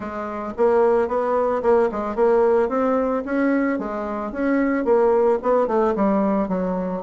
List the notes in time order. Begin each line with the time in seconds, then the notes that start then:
0.00 G#3
0.57 A#3
1.07 B3
1.62 A#3
1.91 G#3
2.15 A#3
2.69 C4
3.25 C#4
3.78 G#3
4.31 C#4
4.84 A#3
5.42 B3
5.67 A3
5.95 G3
6.48 F#3